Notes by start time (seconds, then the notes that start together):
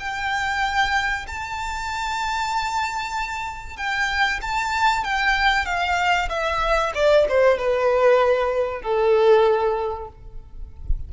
0.00 G5
1.27 A5
3.77 G5
4.42 A5
5.04 G5
5.66 F5
6.30 E5
6.95 D5
7.29 C5
7.58 B4
8.82 A4